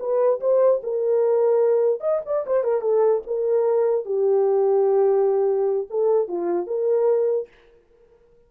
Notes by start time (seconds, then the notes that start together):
0.00 B4
0.41 C5
0.83 A#4
2.01 D#5
2.26 D5
2.47 C5
2.64 A#4
2.82 A4
3.27 A#4
4.05 G4
5.90 A4
6.28 F4
6.67 A#4